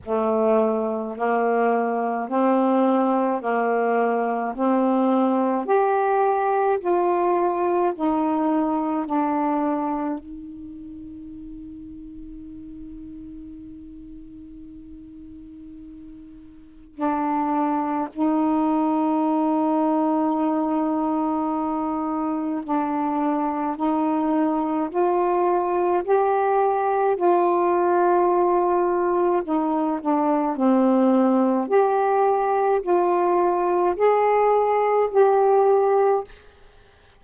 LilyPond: \new Staff \with { instrumentName = "saxophone" } { \time 4/4 \tempo 4 = 53 a4 ais4 c'4 ais4 | c'4 g'4 f'4 dis'4 | d'4 dis'2.~ | dis'2. d'4 |
dis'1 | d'4 dis'4 f'4 g'4 | f'2 dis'8 d'8 c'4 | g'4 f'4 gis'4 g'4 | }